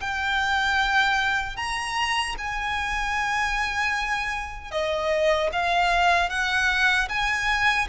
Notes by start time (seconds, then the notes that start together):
0.00 G5
1.56 A#5
2.38 G#5
4.71 D#5
5.52 F5
6.29 F#5
7.08 G#5